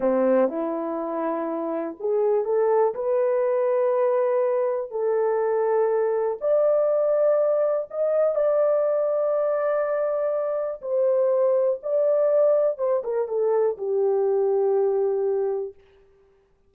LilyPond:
\new Staff \with { instrumentName = "horn" } { \time 4/4 \tempo 4 = 122 c'4 e'2. | gis'4 a'4 b'2~ | b'2 a'2~ | a'4 d''2. |
dis''4 d''2.~ | d''2 c''2 | d''2 c''8 ais'8 a'4 | g'1 | }